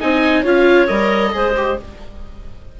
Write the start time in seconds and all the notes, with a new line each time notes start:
0.00 C4 D#4 D#5 G#5
0.42 C#4 F4 C#5 F5
0.87 G3 A#4 D#5
1.32 G#3 G#4 C5
1.56 G4